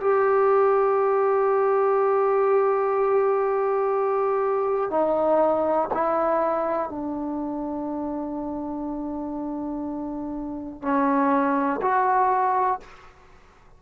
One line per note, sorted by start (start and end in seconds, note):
0.00 4.90 G4
4.90 5.88 D#4
5.93 6.89 E4
6.89 10.82 D4
10.82 11.80 C#4
11.81 12.80 F#4